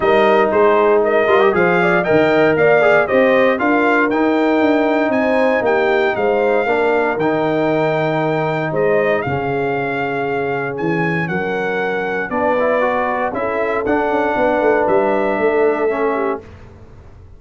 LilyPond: <<
  \new Staff \with { instrumentName = "trumpet" } { \time 4/4 \tempo 4 = 117 dis''4 c''4 dis''4 f''4 | g''4 f''4 dis''4 f''4 | g''2 gis''4 g''4 | f''2 g''2~ |
g''4 dis''4 f''2~ | f''4 gis''4 fis''2 | d''2 e''4 fis''4~ | fis''4 e''2. | }
  \new Staff \with { instrumentName = "horn" } { \time 4/4 ais'4 gis'4 ais'4 c''8 d''8 | dis''4 d''4 c''4 ais'4~ | ais'2 c''4 g'4 | c''4 ais'2.~ |
ais'4 c''4 gis'2~ | gis'2 ais'2 | b'2 a'2 | b'2 a'4. g'8 | }
  \new Staff \with { instrumentName = "trombone" } { \time 4/4 dis'2~ dis'8 f'16 g'16 gis'4 | ais'4. gis'8 g'4 f'4 | dis'1~ | dis'4 d'4 dis'2~ |
dis'2 cis'2~ | cis'1 | d'8 e'8 fis'4 e'4 d'4~ | d'2. cis'4 | }
  \new Staff \with { instrumentName = "tuba" } { \time 4/4 g4 gis4. g8 f4 | dis4 ais4 c'4 d'4 | dis'4 d'4 c'4 ais4 | gis4 ais4 dis2~ |
dis4 gis4 cis2~ | cis4 e4 fis2 | b2 cis'4 d'8 cis'8 | b8 a8 g4 a2 | }
>>